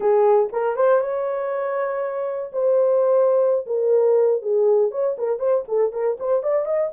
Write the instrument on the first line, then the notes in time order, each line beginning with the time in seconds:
horn
0.00 G#4
0.52 A#4
0.76 C5
1.00 C#5
2.52 C5
3.66 A#4
4.42 G#4
4.91 C#5
5.17 A#4
5.39 C5
5.68 A4
5.92 A#4
6.19 C5
6.42 D5
6.65 D#5